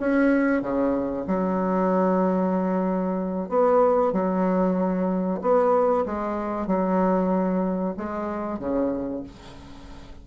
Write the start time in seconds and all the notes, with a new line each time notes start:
0.00 C#4
0.62 C#3
1.27 F#3
3.49 B3
4.13 F#3
5.42 B3
6.06 G#3
6.68 F#3
7.97 G#3
8.59 C#3